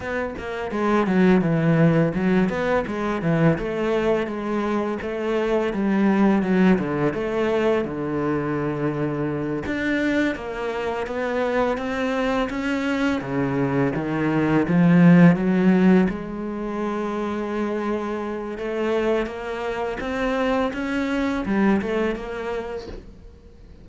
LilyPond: \new Staff \with { instrumentName = "cello" } { \time 4/4 \tempo 4 = 84 b8 ais8 gis8 fis8 e4 fis8 b8 | gis8 e8 a4 gis4 a4 | g4 fis8 d8 a4 d4~ | d4. d'4 ais4 b8~ |
b8 c'4 cis'4 cis4 dis8~ | dis8 f4 fis4 gis4.~ | gis2 a4 ais4 | c'4 cis'4 g8 a8 ais4 | }